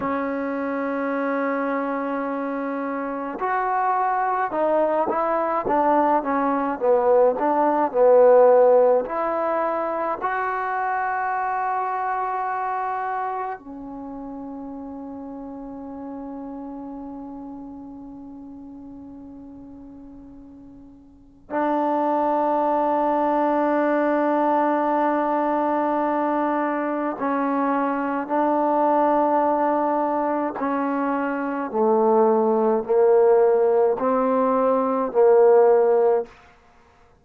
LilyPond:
\new Staff \with { instrumentName = "trombone" } { \time 4/4 \tempo 4 = 53 cis'2. fis'4 | dis'8 e'8 d'8 cis'8 b8 d'8 b4 | e'4 fis'2. | cis'1~ |
cis'2. d'4~ | d'1 | cis'4 d'2 cis'4 | a4 ais4 c'4 ais4 | }